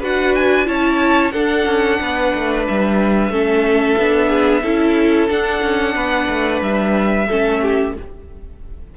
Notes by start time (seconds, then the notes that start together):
0.00 D4 F#4 B4 F#5
0.35 G#5
0.66 C#4 E4 C#5 A5
1.32 D4 A4 F#5
1.66 C#4
2.01 B3 B4
2.35 A3
2.68 G3 E5
3.30 A3 C#4 A4
3.98 B3 D4
4.29 G#4
4.63 C#4 E4 A4
5.29 D4 F#5
5.63 C#4
5.95 B3 B4
6.29 A3
6.61 G3 E5
7.28 A3 C#4 A4
7.62 G4